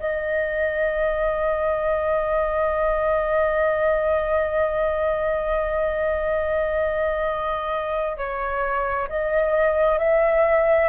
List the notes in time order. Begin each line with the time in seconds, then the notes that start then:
0.00 D#5
8.17 C#5
9.09 D#5
9.99 E5